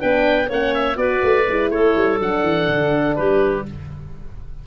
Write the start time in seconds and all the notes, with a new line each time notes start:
0.00 B3 D4 B4 G5
0.49 A#3 C#4 C#5 F#5
0.75 E5
0.96 B3 F#4 B4 D5
1.23 A3
1.49 G#3 E4
1.70 A3 A4 C#5
1.96 G3
2.19 F#3 D4 F#5
2.43 E3
2.69 D3
3.16 G3 G4 B4